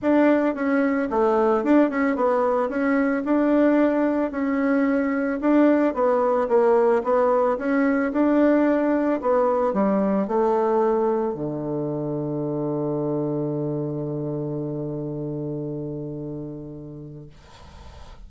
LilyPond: \new Staff \with { instrumentName = "bassoon" } { \time 4/4 \tempo 4 = 111 d'4 cis'4 a4 d'8 cis'8 | b4 cis'4 d'2 | cis'2 d'4 b4 | ais4 b4 cis'4 d'4~ |
d'4 b4 g4 a4~ | a4 d2.~ | d1~ | d1 | }